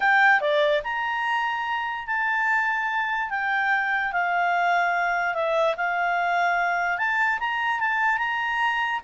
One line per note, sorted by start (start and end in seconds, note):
0.00 0.40 G5
0.40 0.81 D5
0.83 2.06 A#5
2.07 3.30 A5
3.30 4.12 G5
4.12 5.34 F5
5.34 5.75 E5
5.76 6.98 F5
6.98 7.39 A5
7.39 7.80 A#5
7.80 8.18 A5
8.18 9.00 A#5